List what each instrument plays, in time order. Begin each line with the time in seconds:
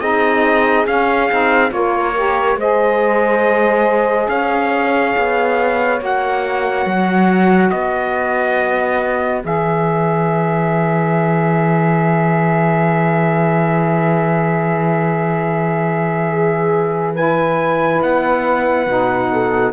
0.00 cello C4, saxophone D#4, horn G#4, trumpet D#5
0.87 saxophone C#4, cello C#4, trumpet F5
1.30 cello C4, saxophone D#4
1.69 cello A#3, saxophone F4, horn A#4, trumpet C#5
2.15 saxophone G4
2.56 cello G#3, saxophone G#4, horn C5, trumpet D#5
4.29 cello C#4, horn C#5, trumpet F5
5.16 cello B3
5.99 cello A#3, saxophone F#4, trumpet F#5
6.85 cello F#3
7.70 cello B3, horn B4, trumpet D#5
9.42 cello E3, saxophone G#4, trumpet E5
16.30 horn G#4
17.14 saxophone E4, horn B4, trumpet G#5
18.02 cello B3, trumpet F#5
18.87 cello B2, saxophone D#4
19.32 horn A4